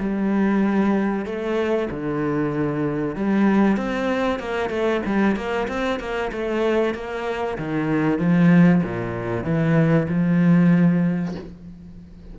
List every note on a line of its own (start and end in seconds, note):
0.00 1.26 G3
1.26 1.89 A3
1.91 3.16 D3
3.16 3.77 G3
3.77 4.40 C4
4.40 4.70 A#3
4.70 5.02 A3
5.06 5.36 G3
5.36 5.68 A#3
5.68 6.00 C4
6.00 6.32 A#3
6.32 6.94 A3
6.94 7.58 A#3
7.58 8.19 D#3
8.19 8.82 F3
8.83 9.44 A#2
9.44 10.07 E3
10.09 11.35 F3